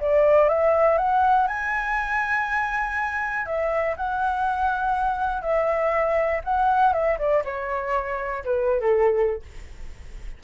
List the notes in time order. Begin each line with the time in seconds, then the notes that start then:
0.00 D5
0.48 E5
0.97 F#5
1.47 G#5
3.46 E5
3.96 F#5
5.42 E5
6.44 F#5
6.93 E5
7.19 D5
7.44 C#5
8.44 B4
8.80 A4